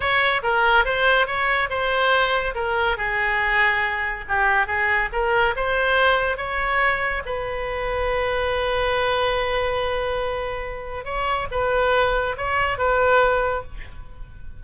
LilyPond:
\new Staff \with { instrumentName = "oboe" } { \time 4/4 \tempo 4 = 141 cis''4 ais'4 c''4 cis''4 | c''2 ais'4 gis'4~ | gis'2 g'4 gis'4 | ais'4 c''2 cis''4~ |
cis''4 b'2.~ | b'1~ | b'2 cis''4 b'4~ | b'4 cis''4 b'2 | }